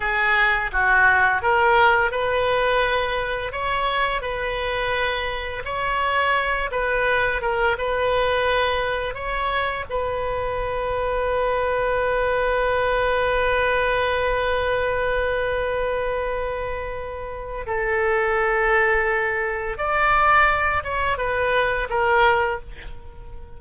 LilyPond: \new Staff \with { instrumentName = "oboe" } { \time 4/4 \tempo 4 = 85 gis'4 fis'4 ais'4 b'4~ | b'4 cis''4 b'2 | cis''4. b'4 ais'8 b'4~ | b'4 cis''4 b'2~ |
b'1~ | b'1~ | b'4 a'2. | d''4. cis''8 b'4 ais'4 | }